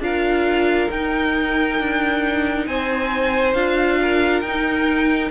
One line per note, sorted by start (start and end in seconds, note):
0.00 0.88 D4
0.00 0.90 F4
0.00 2.68 A#4
0.00 0.91 F5
0.91 1.80 D#4
0.91 3.56 D#4
0.91 2.67 G5
1.80 2.67 D4
2.67 3.54 C4
2.67 4.00 C5
2.67 3.54 G#5
3.54 4.42 D4
3.54 4.44 F4
3.54 4.41 F5
4.02 5.31 A#4
4.41 5.31 D#4
4.41 5.30 G5